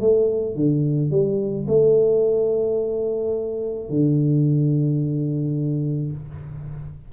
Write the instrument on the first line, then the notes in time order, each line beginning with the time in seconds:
tuba
0.00 A3
0.56 D3
1.11 G3
1.68 A3
3.89 D3